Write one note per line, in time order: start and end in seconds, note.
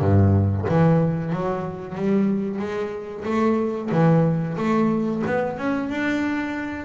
0.00 0.65 G2
0.69 1.33 E3
1.33 1.95 F#3
1.95 2.59 G3
2.59 3.24 G#3
3.25 3.90 A3
3.92 4.57 E3
4.57 5.22 A3
5.26 5.58 B3
5.58 5.89 C#4
5.89 6.85 D4